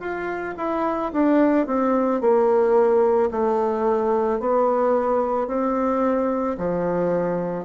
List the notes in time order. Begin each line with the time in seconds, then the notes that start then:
0.00 F4
0.58 E4
1.13 D4
1.67 C4
2.21 A#3
3.32 A3
4.40 B3
5.48 C4
6.58 F3